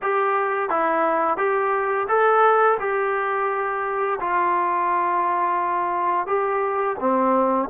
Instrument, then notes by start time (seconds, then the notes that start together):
trombone
0.02 G4
0.69 E4
1.37 G4
2.08 A4
2.79 G4
4.20 F4
6.26 G4
6.99 C4